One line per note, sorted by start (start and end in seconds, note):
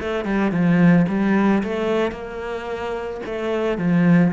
0.00 0.25 A3
0.25 0.51 G3
0.51 1.06 F3
1.08 1.63 G3
1.63 2.11 A3
2.11 3.21 A#3
3.26 3.78 A3
3.78 4.33 F3